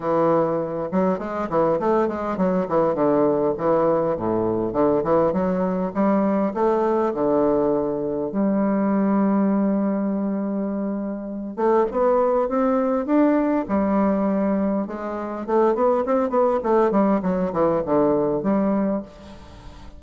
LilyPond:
\new Staff \with { instrumentName = "bassoon" } { \time 4/4 \tempo 4 = 101 e4. fis8 gis8 e8 a8 gis8 | fis8 e8 d4 e4 a,4 | d8 e8 fis4 g4 a4 | d2 g2~ |
g2.~ g8 a8 | b4 c'4 d'4 g4~ | g4 gis4 a8 b8 c'8 b8 | a8 g8 fis8 e8 d4 g4 | }